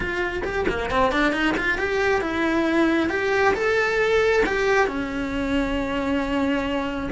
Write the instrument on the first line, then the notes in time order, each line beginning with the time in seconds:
cello
0.00 F4
0.43 G4
0.68 A#3
0.90 C4
1.11 D4
1.32 D#4
1.57 F4
1.78 G4
2.21 E4
3.09 G4
3.54 A4
4.45 G4
4.87 C#4